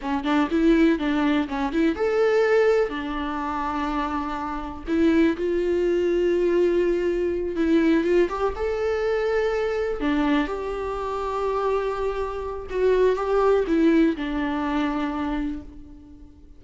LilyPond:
\new Staff \with { instrumentName = "viola" } { \time 4/4 \tempo 4 = 123 cis'8 d'8 e'4 d'4 cis'8 e'8 | a'2 d'2~ | d'2 e'4 f'4~ | f'2.~ f'8 e'8~ |
e'8 f'8 g'8 a'2~ a'8~ | a'8 d'4 g'2~ g'8~ | g'2 fis'4 g'4 | e'4 d'2. | }